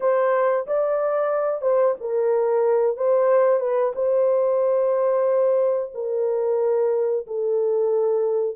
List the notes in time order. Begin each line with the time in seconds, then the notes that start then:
0.00 C5
0.66 D5
1.61 C5
2.00 A#4
2.96 C5
3.59 B4
3.95 C5
5.94 A#4
7.26 A4